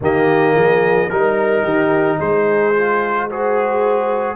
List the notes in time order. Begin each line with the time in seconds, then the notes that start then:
0.00 D#3 A#3 G4 D#5
0.54 F3 G#4
1.09 G3 D#4 A#4
1.62 D#3 G4
2.18 G#3 G#4 C5
2.74 F4
3.29 F#4 G#4 C5